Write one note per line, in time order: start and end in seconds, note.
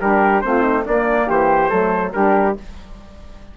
0.00 0.43 G3
0.00 0.43 D4
0.00 0.43 G4
0.00 0.41 A#4
0.41 0.87 A3
0.41 0.86 C4
0.41 0.83 C5
0.47 0.62 F4
0.62 0.83 D#4
0.85 1.28 A#3
0.85 1.69 A#3
0.85 1.27 D4
0.85 1.29 D5
1.27 1.71 E3
1.27 1.69 G4
1.27 2.12 C5
1.69 2.13 F#3
1.69 2.11 A3
1.69 2.11 A4
2.12 2.57 G3
2.12 2.56 D4
2.12 2.57 G4
2.12 2.55 A#4